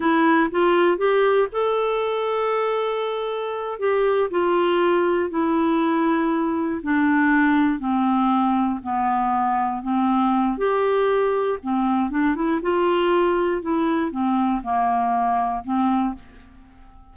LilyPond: \new Staff \with { instrumentName = "clarinet" } { \time 4/4 \tempo 4 = 119 e'4 f'4 g'4 a'4~ | a'2.~ a'8 g'8~ | g'8 f'2 e'4.~ | e'4. d'2 c'8~ |
c'4. b2 c'8~ | c'4 g'2 c'4 | d'8 e'8 f'2 e'4 | c'4 ais2 c'4 | }